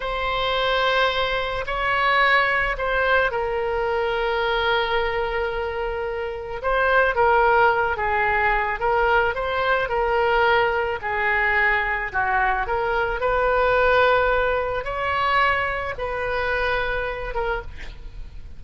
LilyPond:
\new Staff \with { instrumentName = "oboe" } { \time 4/4 \tempo 4 = 109 c''2. cis''4~ | cis''4 c''4 ais'2~ | ais'1 | c''4 ais'4. gis'4. |
ais'4 c''4 ais'2 | gis'2 fis'4 ais'4 | b'2. cis''4~ | cis''4 b'2~ b'8 ais'8 | }